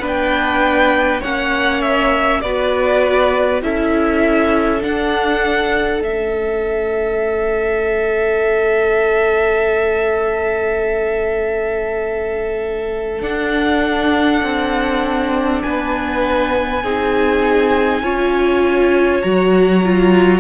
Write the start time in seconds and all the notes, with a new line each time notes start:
0.00 B3 D4 B4
0.08 G5
1.21 A#3 C#4 C#5 F#5
1.82 E5
2.41 B3 F#4 B4 D5
3.62 C#4 E4 A4 E5
4.81 D4 F#5
6.01 A3 C#4 E5
13.21 D4 F#5
14.43 C4
15.62 B3 B4 G#5
16.84 C4 D#4 G#4
18.03 C#4 F4 C#5
19.22 F#3 F#4 A#5
19.85 F4